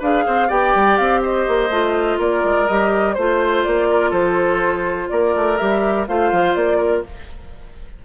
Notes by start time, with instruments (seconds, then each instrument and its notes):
0.00 bassoon D4, clarinet G#4, oboe B4, flute F5
0.27 bassoon C4, oboe C5
0.48 bassoon B3, clarinet G4, oboe D5, flute G5
0.76 bassoon G3
0.98 bassoon C4, flute F5
1.23 oboe C5, flute D#5
1.48 bassoon A#3
1.70 bassoon A3, clarinet F4
2.19 bassoon A#3, oboe A#4, flute D5
2.45 bassoon G#3
2.68 bassoon G3, clarinet G4, flute D#5
3.14 bassoon A3, clarinet F4, flute C5, oboe C5
3.64 bassoon A#3, flute D5
3.91 oboe A#4
4.10 bassoon F3, oboe A4, flute C5
5.10 bassoon A#3, oboe A#4, flute D5
5.36 bassoon A3
5.58 bassoon G3, clarinet G4, flute E5
6.08 bassoon A3, clarinet F4, oboe C5, flute F5
6.33 bassoon F3
6.55 bassoon A#3, flute D5
6.78 oboe A#4